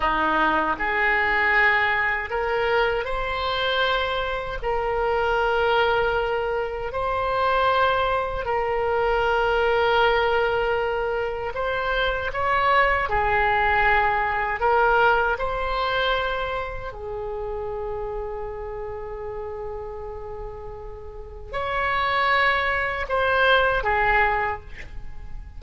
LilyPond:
\new Staff \with { instrumentName = "oboe" } { \time 4/4 \tempo 4 = 78 dis'4 gis'2 ais'4 | c''2 ais'2~ | ais'4 c''2 ais'4~ | ais'2. c''4 |
cis''4 gis'2 ais'4 | c''2 gis'2~ | gis'1 | cis''2 c''4 gis'4 | }